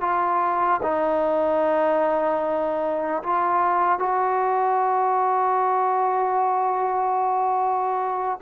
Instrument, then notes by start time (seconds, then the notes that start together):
trombone
0.00 F4
0.82 D#4
3.23 F4
3.99 F#4